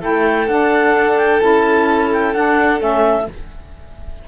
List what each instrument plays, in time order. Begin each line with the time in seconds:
0.00 cello A3, saxophone E4, violin A4, clarinet G5
0.47 saxophone D4, cello D4, clarinet F#5
1.17 clarinet G5
1.39 cello C#4, saxophone E4, clarinet A5
2.13 clarinet G5
2.33 saxophone D4, cello D4, clarinet F#5
2.79 cello A3, saxophone C#4, clarinet E5